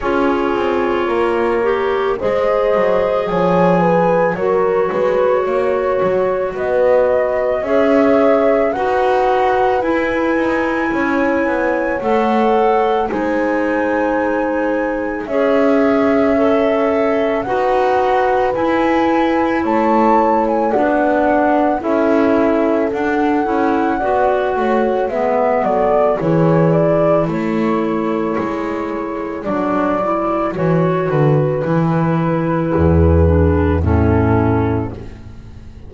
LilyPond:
<<
  \new Staff \with { instrumentName = "flute" } { \time 4/4 \tempo 4 = 55 cis''2 dis''4 gis''4 | cis''2 dis''4 e''4 | fis''4 gis''2 fis''4 | gis''2 e''2 |
fis''4 gis''4 a''8. gis''16 fis''4 | e''4 fis''2 e''8 d''8 | cis''8 d''8 cis''2 d''4 | cis''8 b'2~ b'8 a'4 | }
  \new Staff \with { instrumentName = "horn" } { \time 4/4 gis'4 ais'4 c''4 cis''8 b'8 | ais'8 b'8 cis''4 b'4 cis''4 | b'2 cis''2 | c''2 cis''2 |
b'2 cis''4 d''4 | a'2 d''8 cis''8 b'8 a'8 | gis'4 a'2.~ | a'2 gis'4 e'4 | }
  \new Staff \with { instrumentName = "clarinet" } { \time 4/4 f'4. g'8 gis'2 | fis'2. gis'4 | fis'4 e'2 a'4 | dis'2 gis'4 a'4 |
fis'4 e'2 d'4 | e'4 d'8 e'8 fis'4 b4 | e'2. d'8 e'8 | fis'4 e'4. d'8 cis'4 | }
  \new Staff \with { instrumentName = "double bass" } { \time 4/4 cis'8 c'8 ais4 gis8 fis8 f4 | fis8 gis8 ais8 fis8 b4 cis'4 | dis'4 e'8 dis'8 cis'8 b8 a4 | gis2 cis'2 |
dis'4 e'4 a4 b4 | cis'4 d'8 cis'8 b8 a8 gis8 fis8 | e4 a4 gis4 fis4 | e8 d8 e4 e,4 a,4 | }
>>